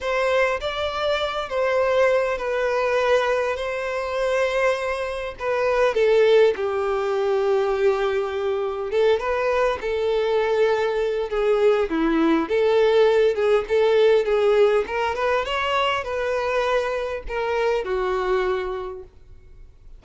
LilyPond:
\new Staff \with { instrumentName = "violin" } { \time 4/4 \tempo 4 = 101 c''4 d''4. c''4. | b'2 c''2~ | c''4 b'4 a'4 g'4~ | g'2. a'8 b'8~ |
b'8 a'2~ a'8 gis'4 | e'4 a'4. gis'8 a'4 | gis'4 ais'8 b'8 cis''4 b'4~ | b'4 ais'4 fis'2 | }